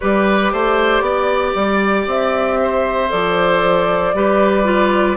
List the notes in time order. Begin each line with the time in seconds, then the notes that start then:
0.00 G3 G4 B4 D5
0.52 A3 C5
1.01 B3 D5
1.54 G3
2.06 C4 E5
2.62 C5
3.09 F3 A4 D5
4.14 G3 G4 B4
4.64 F4